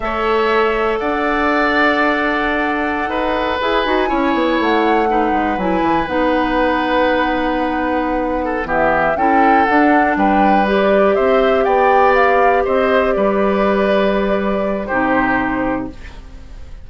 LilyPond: <<
  \new Staff \with { instrumentName = "flute" } { \time 4/4 \tempo 4 = 121 e''2 fis''2~ | fis''2.~ fis''16 gis''8.~ | gis''4~ gis''16 fis''2 gis''8.~ | gis''16 fis''2.~ fis''8.~ |
fis''4. e''4 g''4 fis''8~ | fis''8 g''4 d''4 e''4 g''8~ | g''8 f''4 dis''4 d''4.~ | d''2 c''2 | }
  \new Staff \with { instrumentName = "oboe" } { \time 4/4 cis''2 d''2~ | d''2~ d''16 b'4.~ b'16~ | b'16 cis''2 b'4.~ b'16~ | b'1~ |
b'4 a'8 g'4 a'4.~ | a'8 b'2 c''4 d''8~ | d''4. c''4 b'4.~ | b'2 g'2 | }
  \new Staff \with { instrumentName = "clarinet" } { \time 4/4 a'1~ | a'2.~ a'16 gis'8 fis'16~ | fis'16 e'2 dis'4 e'8.~ | e'16 dis'2.~ dis'8.~ |
dis'4. b4 e'4 d'8~ | d'4. g'2~ g'8~ | g'1~ | g'2 dis'2 | }
  \new Staff \with { instrumentName = "bassoon" } { \time 4/4 a2 d'2~ | d'2~ d'16 dis'4 e'8 dis'16~ | dis'16 cis'8 b8 a4. gis8 fis8 e16~ | e16 b2.~ b8.~ |
b4. e4 cis'4 d'8~ | d'8 g2 c'4 b8~ | b4. c'4 g4.~ | g2 c2 | }
>>